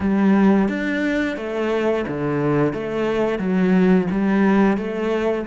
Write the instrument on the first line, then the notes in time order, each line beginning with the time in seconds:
cello
0.00 G3
0.68 D4
1.36 A3
2.07 D3
2.73 A3
3.38 F#3
4.10 G3
4.77 A3